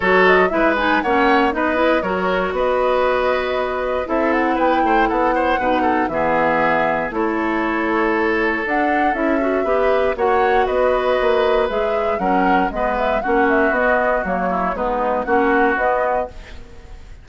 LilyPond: <<
  \new Staff \with { instrumentName = "flute" } { \time 4/4 \tempo 4 = 118 cis''8 dis''8 e''8 gis''8 fis''4 dis''4 | cis''4 dis''2. | e''8 fis''8 g''4 fis''2 | e''2 cis''2~ |
cis''4 fis''4 e''2 | fis''4 dis''2 e''4 | fis''4 dis''8 e''8 fis''8 e''8 dis''4 | cis''4 b'4 fis''4 dis''4 | }
  \new Staff \with { instrumentName = "oboe" } { \time 4/4 a'4 b'4 cis''4 b'4 | ais'4 b'2. | a'4 b'8 c''8 a'8 c''8 b'8 a'8 | gis'2 a'2~ |
a'2. b'4 | cis''4 b'2. | ais'4 b'4 fis'2~ | fis'8 e'8 dis'4 fis'2 | }
  \new Staff \with { instrumentName = "clarinet" } { \time 4/4 fis'4 e'8 dis'8 cis'4 dis'8 e'8 | fis'1 | e'2. dis'4 | b2 e'2~ |
e'4 d'4 e'8 fis'8 g'4 | fis'2. gis'4 | cis'4 b4 cis'4 b4 | ais4 b4 cis'4 b4 | }
  \new Staff \with { instrumentName = "bassoon" } { \time 4/4 fis4 gis4 ais4 b4 | fis4 b2. | c'4 b8 a8 b4 b,4 | e2 a2~ |
a4 d'4 cis'4 b4 | ais4 b4 ais4 gis4 | fis4 gis4 ais4 b4 | fis4 gis4 ais4 b4 | }
>>